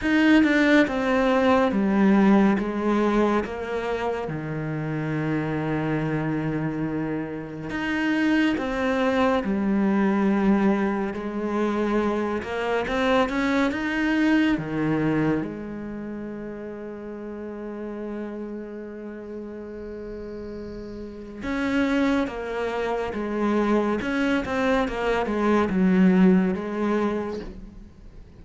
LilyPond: \new Staff \with { instrumentName = "cello" } { \time 4/4 \tempo 4 = 70 dis'8 d'8 c'4 g4 gis4 | ais4 dis2.~ | dis4 dis'4 c'4 g4~ | g4 gis4. ais8 c'8 cis'8 |
dis'4 dis4 gis2~ | gis1~ | gis4 cis'4 ais4 gis4 | cis'8 c'8 ais8 gis8 fis4 gis4 | }